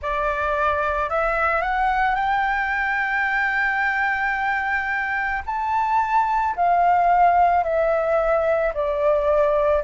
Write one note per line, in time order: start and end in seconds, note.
0.01 1.09 D5
1.09 1.61 E5
1.61 2.15 F#5
2.15 5.42 G5
5.45 6.55 A5
6.56 7.63 F5
7.63 8.72 E5
8.74 9.83 D5